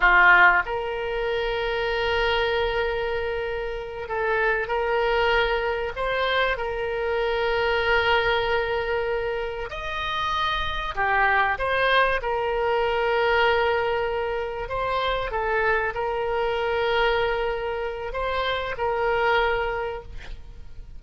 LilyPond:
\new Staff \with { instrumentName = "oboe" } { \time 4/4 \tempo 4 = 96 f'4 ais'2.~ | ais'2~ ais'8 a'4 ais'8~ | ais'4. c''4 ais'4.~ | ais'2.~ ais'8 dis''8~ |
dis''4. g'4 c''4 ais'8~ | ais'2.~ ais'8 c''8~ | c''8 a'4 ais'2~ ais'8~ | ais'4 c''4 ais'2 | }